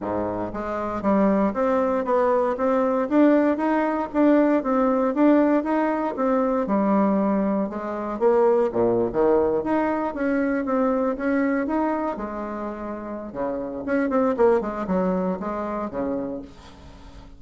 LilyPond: \new Staff \with { instrumentName = "bassoon" } { \time 4/4 \tempo 4 = 117 gis,4 gis4 g4 c'4 | b4 c'4 d'4 dis'4 | d'4 c'4 d'4 dis'4 | c'4 g2 gis4 |
ais4 ais,8. dis4 dis'4 cis'16~ | cis'8. c'4 cis'4 dis'4 gis16~ | gis2 cis4 cis'8 c'8 | ais8 gis8 fis4 gis4 cis4 | }